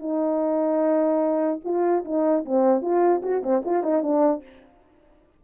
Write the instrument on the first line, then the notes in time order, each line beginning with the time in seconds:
horn
0.00 D#4
1.65 F4
2.05 D#4
2.45 C4
2.82 F4
3.23 F#4
3.43 C4
3.66 F4
3.84 D#4
4.03 D4